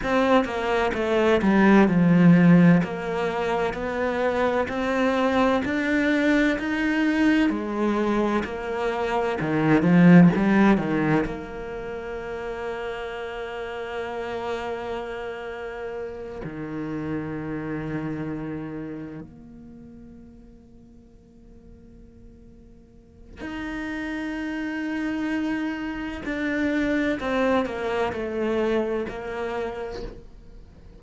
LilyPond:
\new Staff \with { instrumentName = "cello" } { \time 4/4 \tempo 4 = 64 c'8 ais8 a8 g8 f4 ais4 | b4 c'4 d'4 dis'4 | gis4 ais4 dis8 f8 g8 dis8 | ais1~ |
ais4. dis2~ dis8~ | dis8 ais2.~ ais8~ | ais4 dis'2. | d'4 c'8 ais8 a4 ais4 | }